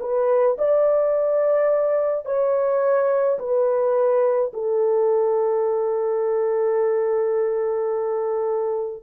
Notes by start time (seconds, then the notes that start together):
0.00 B4
0.58 D5
2.25 C#5
3.39 B4
4.53 A4